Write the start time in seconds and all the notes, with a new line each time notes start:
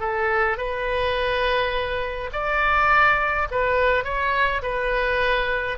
0.00 A4
0.58 B4
2.33 D5
3.51 B4
4.04 C#5
4.63 B4